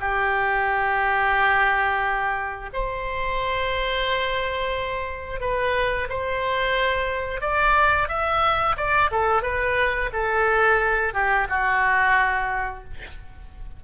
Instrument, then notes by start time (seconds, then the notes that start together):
oboe
0.00 G4
2.73 C5
5.41 B4
6.09 C5
7.41 D5
8.09 E5
8.77 D5
9.11 A4
9.43 B4
10.13 A4
11.14 G4
11.49 F#4